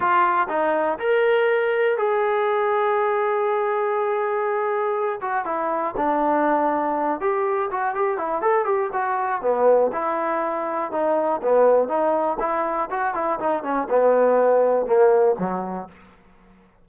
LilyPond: \new Staff \with { instrumentName = "trombone" } { \time 4/4 \tempo 4 = 121 f'4 dis'4 ais'2 | gis'1~ | gis'2~ gis'8 fis'8 e'4 | d'2~ d'8 g'4 fis'8 |
g'8 e'8 a'8 g'8 fis'4 b4 | e'2 dis'4 b4 | dis'4 e'4 fis'8 e'8 dis'8 cis'8 | b2 ais4 fis4 | }